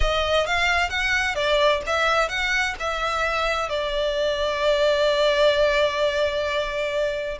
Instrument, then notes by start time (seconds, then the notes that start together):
violin
0.00 D#5
0.46 F5
0.89 F#5
1.35 D5
1.86 E5
2.28 F#5
2.79 E5
3.69 D5